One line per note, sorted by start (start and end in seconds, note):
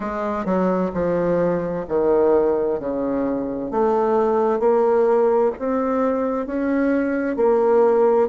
0.00 0.44 G#3
0.44 0.91 F#3
0.93 1.85 F3
1.88 2.79 D#3
2.79 3.70 C#3
3.70 4.59 A3
4.59 5.51 A#3
5.58 6.46 C4
6.46 7.36 C#4
7.36 8.28 A#3